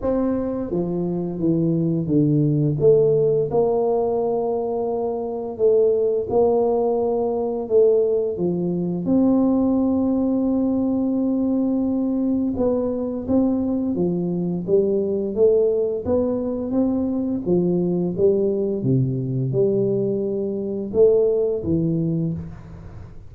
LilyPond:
\new Staff \with { instrumentName = "tuba" } { \time 4/4 \tempo 4 = 86 c'4 f4 e4 d4 | a4 ais2. | a4 ais2 a4 | f4 c'2.~ |
c'2 b4 c'4 | f4 g4 a4 b4 | c'4 f4 g4 c4 | g2 a4 e4 | }